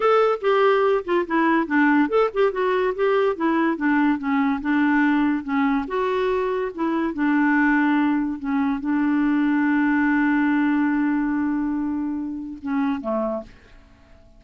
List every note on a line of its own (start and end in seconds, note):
0.00 0.39 A4
0.41 1.04 G4
1.05 1.25 F4
1.27 1.66 E4
1.66 2.08 D4
2.08 2.29 A4
2.33 2.52 G4
2.52 2.94 F#4
2.95 3.36 G4
3.36 3.76 E4
3.76 4.18 D4
4.18 4.60 C#4
4.61 5.43 D4
5.43 5.85 C#4
5.87 6.71 F#4
6.74 7.13 E4
7.13 8.39 D4
8.39 8.80 C#4
8.80 12.58 D4
12.62 13.00 C#4
13.00 13.42 A3